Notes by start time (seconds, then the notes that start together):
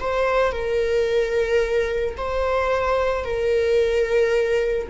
0.00 C5
0.52 A#4
2.17 C5
3.24 A#4